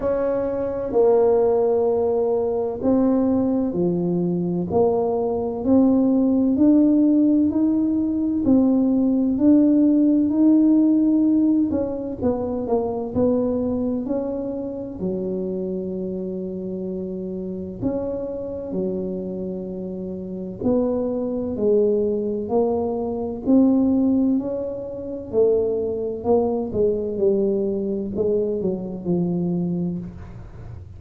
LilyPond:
\new Staff \with { instrumentName = "tuba" } { \time 4/4 \tempo 4 = 64 cis'4 ais2 c'4 | f4 ais4 c'4 d'4 | dis'4 c'4 d'4 dis'4~ | dis'8 cis'8 b8 ais8 b4 cis'4 |
fis2. cis'4 | fis2 b4 gis4 | ais4 c'4 cis'4 a4 | ais8 gis8 g4 gis8 fis8 f4 | }